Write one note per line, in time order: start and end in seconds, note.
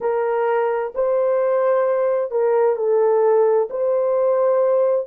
0.00 0.93 A#4
0.94 2.31 C5
2.31 2.76 A#4
2.76 3.68 A4
3.70 5.06 C5